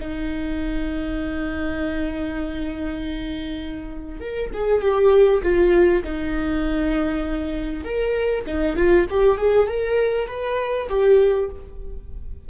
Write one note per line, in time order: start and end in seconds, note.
0.00 4.21 D#4
4.21 4.51 A#4
4.54 4.82 G#4
4.82 5.42 G4
5.43 6.03 F4
6.04 7.84 D#4
7.84 8.45 A#4
8.47 8.77 D#4
8.77 9.07 F4
9.10 9.38 G4
9.38 9.68 G#4
9.68 10.28 A#4
10.28 10.88 B4
10.89 11.50 G4